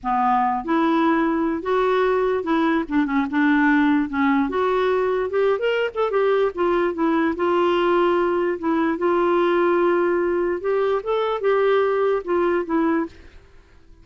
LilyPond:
\new Staff \with { instrumentName = "clarinet" } { \time 4/4 \tempo 4 = 147 b4. e'2~ e'8 | fis'2 e'4 d'8 cis'8 | d'2 cis'4 fis'4~ | fis'4 g'8. ais'8. a'8 g'4 |
f'4 e'4 f'2~ | f'4 e'4 f'2~ | f'2 g'4 a'4 | g'2 f'4 e'4 | }